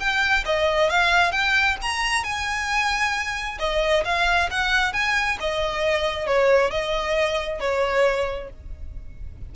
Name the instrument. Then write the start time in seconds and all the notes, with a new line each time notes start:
violin
0.00 G5
0.46 D#5
0.90 F5
1.32 G5
1.82 A#5
2.24 G#5
3.59 D#5
4.05 F5
4.51 F#5
4.93 G#5
5.41 D#5
6.27 C#5
6.71 D#5
7.60 C#5